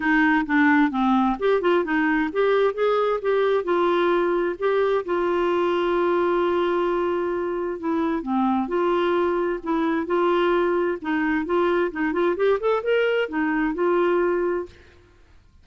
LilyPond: \new Staff \with { instrumentName = "clarinet" } { \time 4/4 \tempo 4 = 131 dis'4 d'4 c'4 g'8 f'8 | dis'4 g'4 gis'4 g'4 | f'2 g'4 f'4~ | f'1~ |
f'4 e'4 c'4 f'4~ | f'4 e'4 f'2 | dis'4 f'4 dis'8 f'8 g'8 a'8 | ais'4 dis'4 f'2 | }